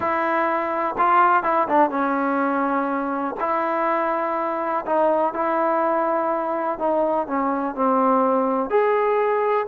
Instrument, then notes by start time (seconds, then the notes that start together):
trombone
0.00 E4
0.98 F4
1.43 E4
1.68 D4
1.90 C#4
3.40 E4
4.85 D#4
5.33 E4
6.78 D#4
7.27 C#4
7.75 C4
8.70 G#4